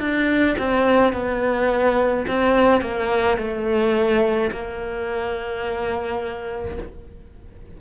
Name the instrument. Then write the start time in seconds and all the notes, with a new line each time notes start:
cello
0.00 D4
0.59 C4
1.13 B3
2.27 C4
2.81 A#3
3.38 A3
4.52 A#3